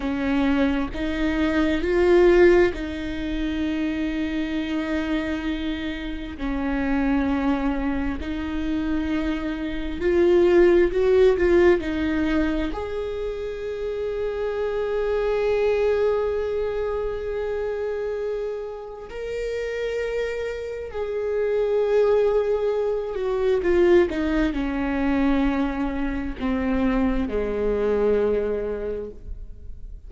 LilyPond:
\new Staff \with { instrumentName = "viola" } { \time 4/4 \tempo 4 = 66 cis'4 dis'4 f'4 dis'4~ | dis'2. cis'4~ | cis'4 dis'2 f'4 | fis'8 f'8 dis'4 gis'2~ |
gis'1~ | gis'4 ais'2 gis'4~ | gis'4. fis'8 f'8 dis'8 cis'4~ | cis'4 c'4 gis2 | }